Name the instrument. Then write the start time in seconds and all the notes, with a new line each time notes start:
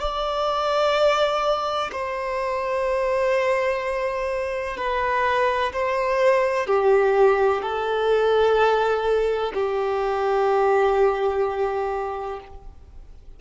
violin
0.00 D5
1.92 C5
4.77 B4
5.73 C5
6.67 G4
7.62 A4
9.54 G4